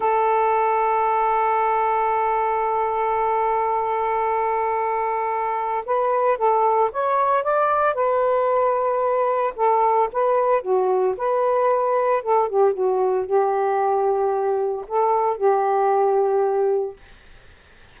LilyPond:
\new Staff \with { instrumentName = "saxophone" } { \time 4/4 \tempo 4 = 113 a'1~ | a'1~ | a'2. b'4 | a'4 cis''4 d''4 b'4~ |
b'2 a'4 b'4 | fis'4 b'2 a'8 g'8 | fis'4 g'2. | a'4 g'2. | }